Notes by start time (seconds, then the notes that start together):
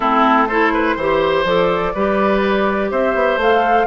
0.00 A3 C4 E4 A4
0.48 E4 A4 C5
0.73 B4
0.96 E3 G4 C5
1.44 F3 A4 D5
1.94 G3 G4 B4
2.91 C4 C5 E5
3.14 B3
3.36 A3 A4 F5